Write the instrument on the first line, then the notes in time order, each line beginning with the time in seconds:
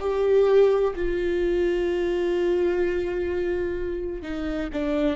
viola
0.00 G4
0.95 F4
4.22 D#4
4.73 D4